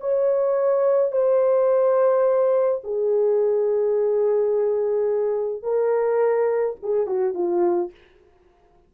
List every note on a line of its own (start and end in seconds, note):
0.00 1.11 C#5
1.11 2.81 C5
2.83 5.62 G#4
5.62 6.76 A#4
6.82 7.07 G#4
7.07 7.34 F#4
7.34 7.91 F4